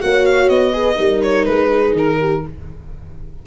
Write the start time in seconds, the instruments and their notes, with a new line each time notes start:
0.00 tuba A#3, viola F#4, horn C#5, violin F#5
0.26 violin F5
0.49 tuba B3, violin D#5
0.72 viola G#4, horn B4
0.95 tuba G3, viola D#4, horn A#4
1.23 violin C#5
1.45 tuba G#3, violin B4
1.70 horn G#4
1.92 tuba D#3, violin A#4
2.19 horn G4